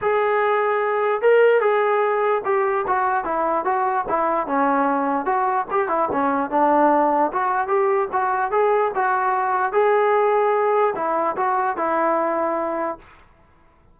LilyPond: \new Staff \with { instrumentName = "trombone" } { \time 4/4 \tempo 4 = 148 gis'2. ais'4 | gis'2 g'4 fis'4 | e'4 fis'4 e'4 cis'4~ | cis'4 fis'4 g'8 e'8 cis'4 |
d'2 fis'4 g'4 | fis'4 gis'4 fis'2 | gis'2. e'4 | fis'4 e'2. | }